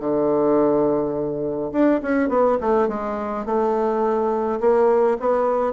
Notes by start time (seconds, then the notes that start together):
0.00 D3
1.72 D4
2.02 C#4
2.29 B3
2.61 A3
2.88 G#3
3.45 A3
4.60 A#3
5.20 B3